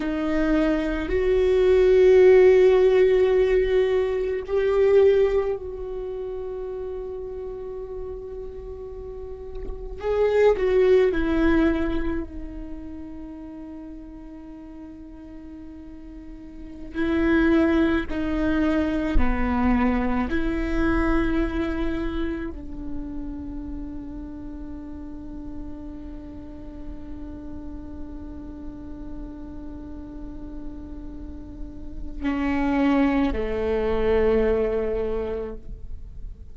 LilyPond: \new Staff \with { instrumentName = "viola" } { \time 4/4 \tempo 4 = 54 dis'4 fis'2. | g'4 fis'2.~ | fis'4 gis'8 fis'8 e'4 dis'4~ | dis'2.~ dis'16 e'8.~ |
e'16 dis'4 b4 e'4.~ e'16~ | e'16 d'2.~ d'8.~ | d'1~ | d'4 cis'4 a2 | }